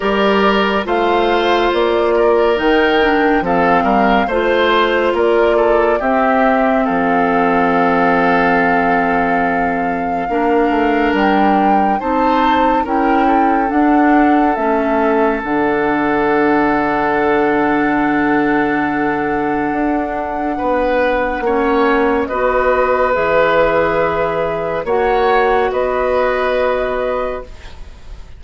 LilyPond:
<<
  \new Staff \with { instrumentName = "flute" } { \time 4/4 \tempo 4 = 70 d''4 f''4 d''4 g''4 | f''4 c''4 d''4 e''4 | f''1~ | f''4 g''4 a''4 g''4 |
fis''4 e''4 fis''2~ | fis''1~ | fis''2 dis''4 e''4~ | e''4 fis''4 dis''2 | }
  \new Staff \with { instrumentName = "oboe" } { \time 4/4 ais'4 c''4. ais'4. | a'8 ais'8 c''4 ais'8 a'8 g'4 | a'1 | ais'2 c''4 ais'8 a'8~ |
a'1~ | a'1 | b'4 cis''4 b'2~ | b'4 cis''4 b'2 | }
  \new Staff \with { instrumentName = "clarinet" } { \time 4/4 g'4 f'2 dis'8 d'8 | c'4 f'2 c'4~ | c'1 | d'2 dis'4 e'4 |
d'4 cis'4 d'2~ | d'1~ | d'4 cis'4 fis'4 gis'4~ | gis'4 fis'2. | }
  \new Staff \with { instrumentName = "bassoon" } { \time 4/4 g4 a4 ais4 dis4 | f8 g8 a4 ais4 c'4 | f1 | ais8 a8 g4 c'4 cis'4 |
d'4 a4 d2~ | d2. d'4 | b4 ais4 b4 e4~ | e4 ais4 b2 | }
>>